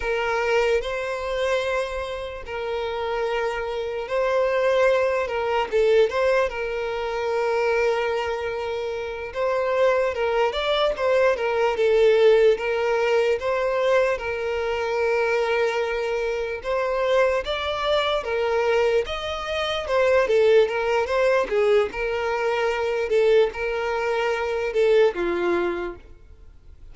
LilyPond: \new Staff \with { instrumentName = "violin" } { \time 4/4 \tempo 4 = 74 ais'4 c''2 ais'4~ | ais'4 c''4. ais'8 a'8 c''8 | ais'2.~ ais'8 c''8~ | c''8 ais'8 d''8 c''8 ais'8 a'4 ais'8~ |
ais'8 c''4 ais'2~ ais'8~ | ais'8 c''4 d''4 ais'4 dis''8~ | dis''8 c''8 a'8 ais'8 c''8 gis'8 ais'4~ | ais'8 a'8 ais'4. a'8 f'4 | }